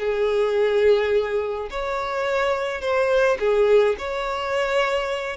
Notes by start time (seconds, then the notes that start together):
0.00 G#4
1.71 C#5
2.81 C5
3.40 G#4
3.99 C#5